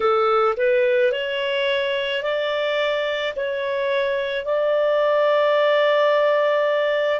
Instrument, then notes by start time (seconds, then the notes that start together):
clarinet
0.00 A4
0.57 B4
1.12 C#5
2.22 D5
3.36 C#5
4.44 D5